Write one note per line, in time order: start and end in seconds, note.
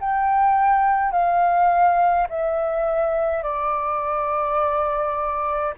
0.00 1.12 G5
1.12 2.27 F5
2.30 3.43 E5
3.43 5.74 D5